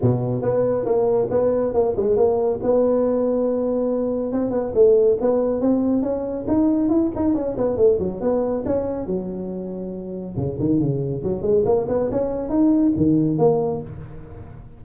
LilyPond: \new Staff \with { instrumentName = "tuba" } { \time 4/4 \tempo 4 = 139 b,4 b4 ais4 b4 | ais8 gis8 ais4 b2~ | b2 c'8 b8 a4 | b4 c'4 cis'4 dis'4 |
e'8 dis'8 cis'8 b8 a8 fis8 b4 | cis'4 fis2. | cis8 dis8 cis4 fis8 gis8 ais8 b8 | cis'4 dis'4 dis4 ais4 | }